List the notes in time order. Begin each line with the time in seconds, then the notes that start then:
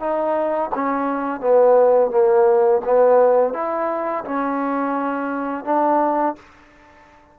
0.00 D#4
0.75 C#4
1.41 B3
2.11 A#3
2.85 B3
3.54 E4
4.25 C#4
5.65 D4